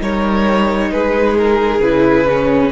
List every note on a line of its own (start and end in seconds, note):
0.00 0.91 G3
0.00 1.82 D#4
0.00 0.91 A#4
0.00 0.91 C#5
0.91 1.79 G#3
0.91 2.72 G#4
0.91 1.37 B4
1.37 1.82 A#4
1.79 2.70 C#3
1.79 2.28 E4
1.79 2.72 B4
2.28 2.72 C#4